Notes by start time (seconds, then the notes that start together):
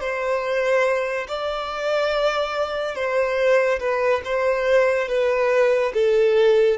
0.00 C5
1.28 D5
2.95 C5
3.80 B4
4.24 C5
5.08 B4
5.93 A4